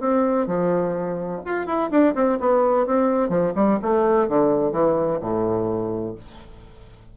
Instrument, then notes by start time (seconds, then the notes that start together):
bassoon
0.00 C4
0.47 F3
1.45 F4
1.66 E4
1.91 D4
2.15 C4
2.40 B3
2.86 C4
3.29 F3
3.55 G3
3.82 A3
4.29 D3
4.72 E3
5.21 A2